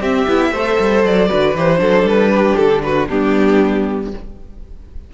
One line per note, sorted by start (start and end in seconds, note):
0.00 0.26 C4
0.00 0.28 C4
0.00 0.52 G4
0.00 1.04 E5
0.27 0.51 B3
0.27 0.54 E4
0.51 0.76 A3
0.51 1.29 A4
0.51 1.29 C5
0.80 1.04 G3
1.04 1.30 F#3
1.04 1.57 D5
1.29 1.55 D3
1.29 1.54 F#4
1.29 1.80 B4
1.55 1.81 E3
1.55 1.77 G4
1.55 2.08 C5
1.77 2.03 F#3
1.77 3.05 D4
1.77 2.32 A4
2.03 2.54 G3
2.03 2.57 B4
2.32 2.84 G4
2.57 3.10 D3
2.57 2.82 A4
2.83 3.08 F#4
2.83 3.08 B4
3.08 4.14 G3
3.08 4.12 B3
3.08 4.11 D4
3.08 4.12 G4